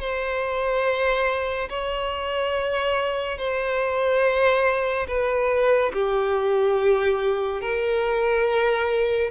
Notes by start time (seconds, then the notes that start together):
0.00 C5
1.69 C#5
3.38 C5
5.08 B4
5.93 G4
7.61 A#4